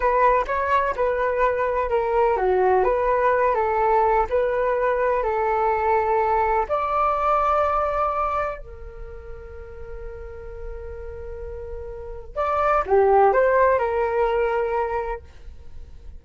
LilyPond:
\new Staff \with { instrumentName = "flute" } { \time 4/4 \tempo 4 = 126 b'4 cis''4 b'2 | ais'4 fis'4 b'4. a'8~ | a'4 b'2 a'4~ | a'2 d''2~ |
d''2 ais'2~ | ais'1~ | ais'2 d''4 g'4 | c''4 ais'2. | }